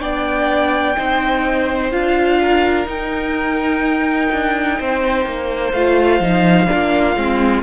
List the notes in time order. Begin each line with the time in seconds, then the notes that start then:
0.00 B3 D4 D5 G5
0.97 C4 D#4 C5
1.91 D4 F4 F5
2.42 A#4
2.86 D#4 G5
4.32 D4
4.79 C4 C5
5.26 A#3
5.72 A3 F4 F5
6.20 F3 D#4
6.67 A#3 D4 F4
7.16 G#3 C4